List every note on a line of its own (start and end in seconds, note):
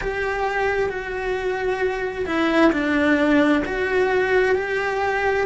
0.01 0.89 G4
0.89 2.25 F#4
2.26 2.71 E4
2.72 3.63 D4
3.65 4.55 F#4
4.55 5.46 G4